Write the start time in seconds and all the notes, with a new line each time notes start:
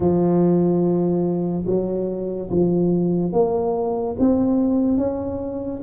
0.00 F3
1.66 F#3
2.50 F3
3.32 A#3
4.19 C4
4.97 C#4